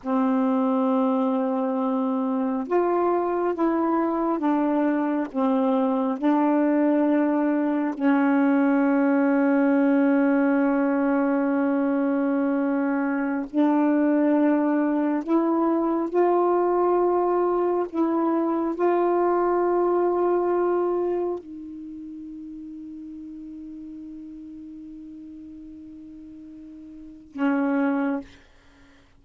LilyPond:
\new Staff \with { instrumentName = "saxophone" } { \time 4/4 \tempo 4 = 68 c'2. f'4 | e'4 d'4 c'4 d'4~ | d'4 cis'2.~ | cis'2.~ cis'16 d'8.~ |
d'4~ d'16 e'4 f'4.~ f'16~ | f'16 e'4 f'2~ f'8.~ | f'16 dis'2.~ dis'8.~ | dis'2. cis'4 | }